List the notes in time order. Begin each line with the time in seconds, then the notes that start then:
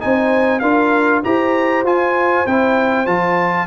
0.00 C4 D#4 C5 G#5
0.59 D4 F4 A#4 F5
1.24 E4 G4 C5 A#5
1.84 F4 G#5
2.46 C4 E4 G5
3.06 F3 F4 A5